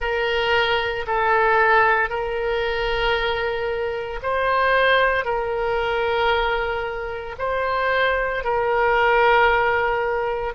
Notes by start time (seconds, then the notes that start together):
0.00 A#4
1.06 A4
2.09 A#4
4.22 C5
5.24 A#4
7.38 C5
8.44 A#4